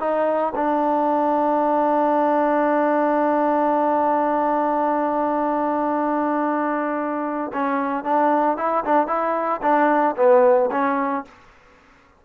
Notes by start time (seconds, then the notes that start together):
0.00 D#4
0.55 D4
7.53 C#4
8.04 D4
8.57 E4
8.85 D4
9.08 E4
9.62 D4
10.17 B3
10.71 C#4